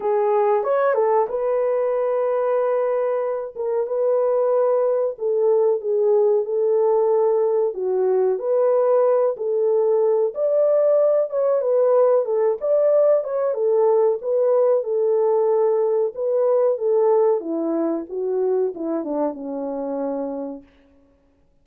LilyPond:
\new Staff \with { instrumentName = "horn" } { \time 4/4 \tempo 4 = 93 gis'4 cis''8 a'8 b'2~ | b'4. ais'8 b'2 | a'4 gis'4 a'2 | fis'4 b'4. a'4. |
d''4. cis''8 b'4 a'8 d''8~ | d''8 cis''8 a'4 b'4 a'4~ | a'4 b'4 a'4 e'4 | fis'4 e'8 d'8 cis'2 | }